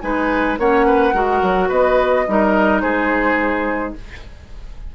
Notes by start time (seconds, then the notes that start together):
0.00 G#3 D#4 B4 G#5
0.58 A#3 C#4 C#5 F#5
0.86 B4
1.13 G#3 F#4 A#4
1.42 F#3
1.68 B3 B4 D#5
2.27 G3 D#4 A#4
2.81 G#3 G#4 C5